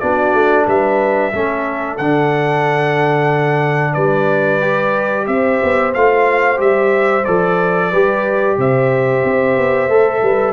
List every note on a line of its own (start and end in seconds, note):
0.00 0.34 B3
0.00 1.32 D4
0.00 0.66 F#4
0.00 0.66 D5
0.34 0.67 A3
0.66 1.33 G3
0.66 1.32 B4
0.66 1.98 E5
1.32 1.99 A3
1.32 1.99 C#4
1.32 3.94 A4
1.98 3.96 D3
1.98 4.61 D4
1.98 3.94 F#5
3.94 5.28 G3
3.94 5.25 B4
3.94 5.26 D5
4.61 5.93 G4
5.27 5.61 C4
5.27 7.90 C5
5.27 5.93 E5
5.63 5.96 B3
5.94 6.59 A3
5.94 6.57 F4
5.94 6.60 F5
6.57 7.25 G3
6.57 7.23 G4
6.57 7.25 E5
7.25 7.93 F3
7.25 7.93 A4
7.25 8.57 D5
7.90 8.58 G3
7.90 9.90 G4
7.90 8.56 B4
8.58 9.23 C3
8.58 10.23 C5
8.58 10.54 E5
9.25 9.57 C4
9.57 9.89 B3
9.89 10.22 A3
9.89 10.54 A4
10.23 10.54 G3
10.23 10.54 B4